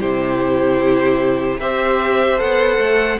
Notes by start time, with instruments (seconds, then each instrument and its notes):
0.00 cello C3, viola E4, violin G4 C5
1.60 cello C4, viola G4, violin C5 E5
2.38 cello B3, viola A4, violin F#5
2.78 cello A3